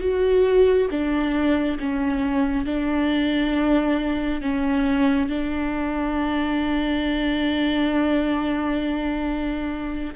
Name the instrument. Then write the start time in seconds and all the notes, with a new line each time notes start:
viola
0.00 F#4
0.91 D4
1.79 C#4
2.66 D4
4.41 C#4
5.29 D4